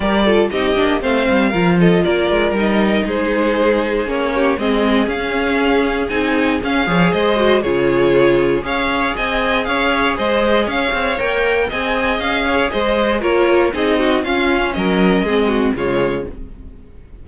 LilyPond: <<
  \new Staff \with { instrumentName = "violin" } { \time 4/4 \tempo 4 = 118 d''4 dis''4 f''4. dis''8 | d''4 dis''4 c''2 | cis''4 dis''4 f''2 | gis''4 f''4 dis''4 cis''4~ |
cis''4 f''4 gis''4 f''4 | dis''4 f''4 g''4 gis''4 | f''4 dis''4 cis''4 dis''4 | f''4 dis''2 cis''4 | }
  \new Staff \with { instrumentName = "violin" } { \time 4/4 ais'8 a'8 g'4 c''4 ais'8 a'8 | ais'2 gis'2~ | gis'8 g'8 gis'2.~ | gis'4. cis''8 c''4 gis'4~ |
gis'4 cis''4 dis''4 cis''4 | c''4 cis''2 dis''4~ | dis''8 cis''8 c''4 ais'4 gis'8 fis'8 | f'4 ais'4 gis'8 fis'8 f'4 | }
  \new Staff \with { instrumentName = "viola" } { \time 4/4 g'8 f'8 dis'8 d'8 c'4 f'4~ | f'4 dis'2. | cis'4 c'4 cis'2 | dis'4 cis'8 gis'4 fis'8 f'4~ |
f'4 gis'2.~ | gis'2 ais'4 gis'4~ | gis'2 f'4 dis'4 | cis'2 c'4 gis4 | }
  \new Staff \with { instrumentName = "cello" } { \time 4/4 g4 c'8 ais8 a8 g8 f4 | ais8 gis8 g4 gis2 | ais4 gis4 cis'2 | c'4 cis'8 f8 gis4 cis4~ |
cis4 cis'4 c'4 cis'4 | gis4 cis'8 c'8 ais4 c'4 | cis'4 gis4 ais4 c'4 | cis'4 fis4 gis4 cis4 | }
>>